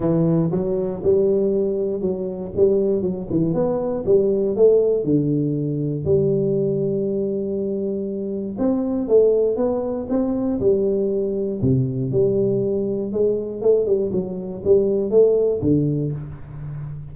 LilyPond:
\new Staff \with { instrumentName = "tuba" } { \time 4/4 \tempo 4 = 119 e4 fis4 g2 | fis4 g4 fis8 e8 b4 | g4 a4 d2 | g1~ |
g4 c'4 a4 b4 | c'4 g2 c4 | g2 gis4 a8 g8 | fis4 g4 a4 d4 | }